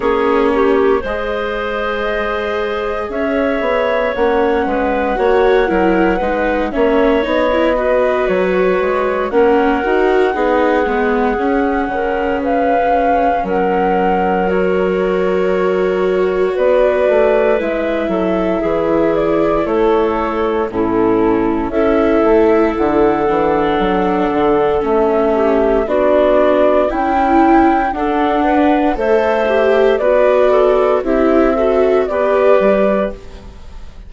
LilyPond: <<
  \new Staff \with { instrumentName = "flute" } { \time 4/4 \tempo 4 = 58 cis''4 dis''2 e''4 | fis''2~ fis''8 e''8 dis''4 | cis''4 fis''2. | f''4 fis''4 cis''2 |
d''4 e''4. d''8 cis''4 | a'4 e''4 fis''2 | e''4 d''4 g''4 fis''4 | e''4 d''4 e''4 d''4 | }
  \new Staff \with { instrumentName = "clarinet" } { \time 4/4 gis'8 g'8 c''2 cis''4~ | cis''8 b'8 cis''8 ais'8 b'8 cis''4 b'8~ | b'4 ais'4 gis'4. ais'8 | b'4 ais'2. |
b'4. a'8 gis'4 a'4 | e'4 a'2.~ | a'8 g'8 fis'4 e'4 a'8 b'8 | c''4 b'8 a'8 g'8 a'8 b'4 | }
  \new Staff \with { instrumentName = "viola" } { \time 4/4 cis'4 gis'2. | cis'4 fis'8 e'8 dis'8 cis'8 dis'16 e'16 fis'8~ | fis'4 cis'8 fis'8 dis'8 b8 cis'4~ | cis'2 fis'2~ |
fis'4 e'2. | cis'4 e'4. d'4. | cis'4 d'4 e'4 d'4 | a'8 g'8 fis'4 e'8 fis'8 g'4 | }
  \new Staff \with { instrumentName = "bassoon" } { \time 4/4 ais4 gis2 cis'8 b8 | ais8 gis8 ais8 fis8 gis8 ais8 b4 | fis8 gis8 ais8 dis'8 b8 gis8 cis'8 cis8~ | cis4 fis2. |
b8 a8 gis8 fis8 e4 a4 | a,4 cis'8 a8 d8 e8 fis8 d8 | a4 b4 cis'4 d'4 | a4 b4 c'4 b8 g8 | }
>>